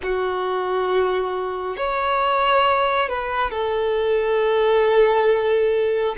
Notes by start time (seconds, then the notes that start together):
0.02 F#4
1.76 C#5
3.08 B4
3.51 A4